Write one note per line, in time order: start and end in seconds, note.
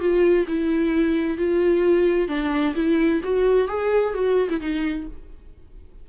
0.00 0.46 F4
0.48 1.38 E4
1.38 2.28 F4
2.28 2.74 D4
2.75 3.21 E4
3.24 3.68 F#4
3.68 4.14 G#4
4.14 4.49 F#4
4.49 4.61 E4
4.61 5.07 D#4